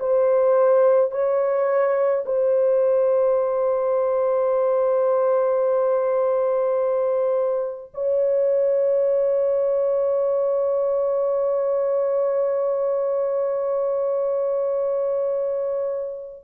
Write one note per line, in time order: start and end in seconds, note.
0.00 1.12 C5
1.12 2.25 C#5
2.26 7.92 C5
7.94 16.43 C#5